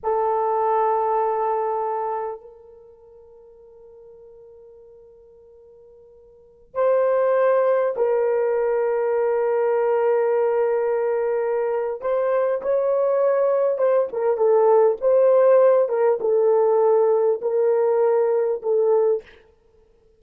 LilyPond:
\new Staff \with { instrumentName = "horn" } { \time 4/4 \tempo 4 = 100 a'1 | ais'1~ | ais'2.~ ais'16 c''8.~ | c''4~ c''16 ais'2~ ais'8.~ |
ais'1 | c''4 cis''2 c''8 ais'8 | a'4 c''4. ais'8 a'4~ | a'4 ais'2 a'4 | }